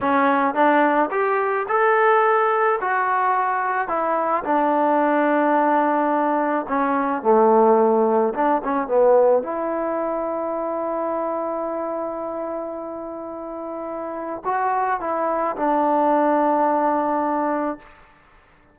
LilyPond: \new Staff \with { instrumentName = "trombone" } { \time 4/4 \tempo 4 = 108 cis'4 d'4 g'4 a'4~ | a'4 fis'2 e'4 | d'1 | cis'4 a2 d'8 cis'8 |
b4 e'2.~ | e'1~ | e'2 fis'4 e'4 | d'1 | }